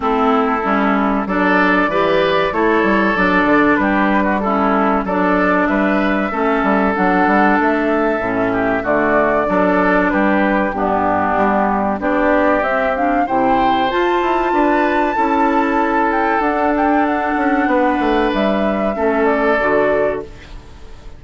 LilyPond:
<<
  \new Staff \with { instrumentName = "flute" } { \time 4/4 \tempo 4 = 95 a'2 d''2 | cis''4 d''4 b'4 a'4 | d''4 e''2 fis''4 | e''2 d''2 |
b'4 g'2 d''4 | e''8 f''8 g''4 a''2~ | a''4. g''8 fis''8 g''8 fis''4~ | fis''4 e''4. d''4. | }
  \new Staff \with { instrumentName = "oboe" } { \time 4/4 e'2 a'4 b'4 | a'2 g'8. fis'16 e'4 | a'4 b'4 a'2~ | a'4. g'8 fis'4 a'4 |
g'4 d'2 g'4~ | g'4 c''2 b'4 | a'1 | b'2 a'2 | }
  \new Staff \with { instrumentName = "clarinet" } { \time 4/4 c'4 cis'4 d'4 g'4 | e'4 d'2 cis'4 | d'2 cis'4 d'4~ | d'4 cis'4 a4 d'4~ |
d'4 b2 d'4 | c'8 d'8 e'4 f'2 | e'2 d'2~ | d'2 cis'4 fis'4 | }
  \new Staff \with { instrumentName = "bassoon" } { \time 4/4 a4 g4 fis4 e4 | a8 g8 fis8 d8 g2 | fis4 g4 a8 g8 fis8 g8 | a4 a,4 d4 fis4 |
g4 g,4 g4 b4 | c'4 c4 f'8 e'8 d'4 | cis'2 d'4. cis'8 | b8 a8 g4 a4 d4 | }
>>